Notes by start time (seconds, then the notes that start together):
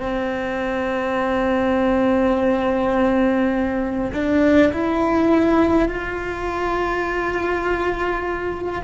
0.00 C4
4.14 D4
4.73 E4
5.89 F4